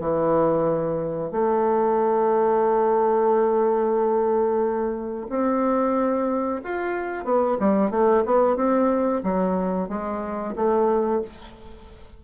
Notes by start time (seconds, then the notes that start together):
0.00 E3
1.31 A3
5.29 C4
6.64 F4
7.24 B3
7.59 G3
7.91 A3
8.25 B3
8.56 C4
9.23 F#3
9.88 G#3
10.56 A3